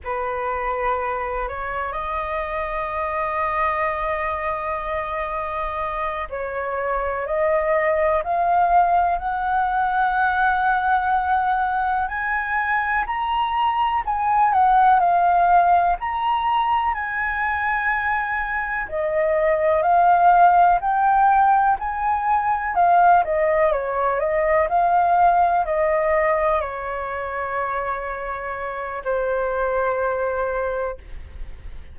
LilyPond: \new Staff \with { instrumentName = "flute" } { \time 4/4 \tempo 4 = 62 b'4. cis''8 dis''2~ | dis''2~ dis''8 cis''4 dis''8~ | dis''8 f''4 fis''2~ fis''8~ | fis''8 gis''4 ais''4 gis''8 fis''8 f''8~ |
f''8 ais''4 gis''2 dis''8~ | dis''8 f''4 g''4 gis''4 f''8 | dis''8 cis''8 dis''8 f''4 dis''4 cis''8~ | cis''2 c''2 | }